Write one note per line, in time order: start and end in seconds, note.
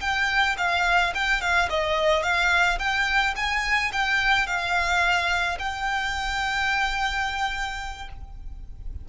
0.00 0.56 G5
0.57 1.13 F5
1.14 1.41 G5
1.41 1.68 F5
1.69 2.23 D#5
2.23 2.78 F5
2.78 3.34 G5
3.36 3.91 G#5
3.92 4.46 G5
4.46 5.58 F5
5.58 8.08 G5